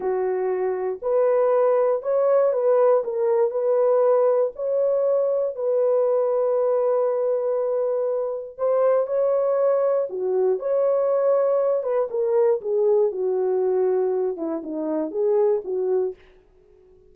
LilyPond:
\new Staff \with { instrumentName = "horn" } { \time 4/4 \tempo 4 = 119 fis'2 b'2 | cis''4 b'4 ais'4 b'4~ | b'4 cis''2 b'4~ | b'1~ |
b'4 c''4 cis''2 | fis'4 cis''2~ cis''8 b'8 | ais'4 gis'4 fis'2~ | fis'8 e'8 dis'4 gis'4 fis'4 | }